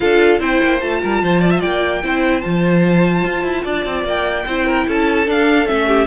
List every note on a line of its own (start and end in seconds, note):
0.00 0.39 D4
0.00 0.39 F4
0.00 0.39 A4
0.00 0.40 F5
0.39 0.60 C4
0.39 0.80 E4
0.39 1.00 C5
0.39 0.80 G5
0.62 0.82 A#3
0.80 1.02 A3
0.80 2.02 F4
0.80 1.60 A5
1.02 1.22 G3
1.02 1.22 A#4
1.22 1.62 F3
1.22 1.40 C5
1.40 1.50 D5
1.50 1.59 E5
1.59 2.03 A#3
1.59 2.00 D5
1.59 2.40 G5
2.03 2.44 C4
2.03 2.41 E4
2.03 3.63 C5
2.40 3.24 F3
2.40 4.44 F4
2.40 4.02 A5
3.24 3.43 F4
3.43 3.64 E4
3.63 3.85 D4
3.63 4.45 D5
3.85 4.03 C4
4.03 4.44 A#3
4.03 4.89 G5
4.46 4.86 C4
4.46 5.26 E4
4.46 4.66 C5
4.66 4.86 A#4
4.87 5.27 C#4
4.87 5.87 A4
4.87 5.30 A5
5.26 5.65 D4
5.26 5.68 D4
5.26 5.67 F5
5.65 6.07 A3
5.65 6.05 C#4
5.65 6.07 E5
5.87 6.07 G4